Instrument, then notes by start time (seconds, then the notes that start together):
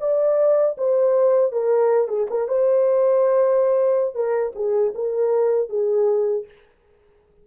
horn
0.00 D5
0.77 C5
1.52 A#4
2.08 G#4
2.30 A#4
2.48 C5
4.15 A#4
4.55 G#4
4.95 A#4
5.69 G#4